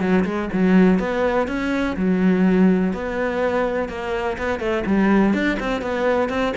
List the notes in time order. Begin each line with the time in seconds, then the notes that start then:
0.00 F#3
0.24 G#3
0.53 F#3
0.99 B3
1.47 C#4
1.96 F#3
2.93 B3
3.89 A#3
4.38 B3
4.59 A3
4.85 G3
5.33 D4
5.59 C4
5.81 B3
6.29 C4